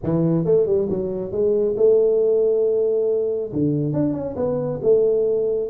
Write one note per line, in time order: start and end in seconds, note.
0.03 0.44 E3
0.44 0.66 A3
0.66 0.88 G3
0.89 1.31 F#3
1.31 1.75 G#3
1.76 3.52 A3
3.52 3.93 D3
3.93 4.13 D4
4.13 4.35 C#4
4.36 4.80 B3
4.82 5.69 A3